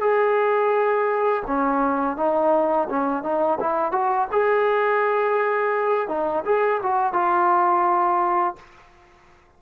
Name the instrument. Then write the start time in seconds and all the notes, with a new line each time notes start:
trombone
0.00 G#4
1.46 C#4
2.17 D#4
2.89 C#4
3.23 D#4
3.60 E4
3.92 F#4
4.32 G#4
6.08 D#4
6.45 G#4
6.82 F#4
7.13 F4